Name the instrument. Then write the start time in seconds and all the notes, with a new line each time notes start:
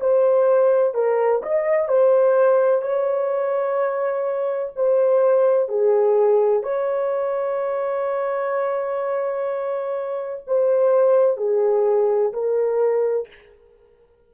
horn
0.00 C5
0.94 A#4
1.42 D#5
1.88 C5
2.81 C#5
4.75 C5
5.68 G#4
6.63 C#5
10.47 C5
11.37 G#4
12.33 A#4